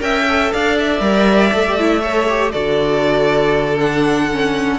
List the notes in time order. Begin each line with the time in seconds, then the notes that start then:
0.00 C#4 A#4 E5 G5
0.30 A4
0.53 D4 D5 F5
0.79 E5
1.01 G3 A#4
1.53 A3 A4
1.68 G4
1.79 E4
2.02 A4 C#5
2.30 G4
2.52 D3 F#4 A4 D5
3.80 D4 F#5
4.32 C#4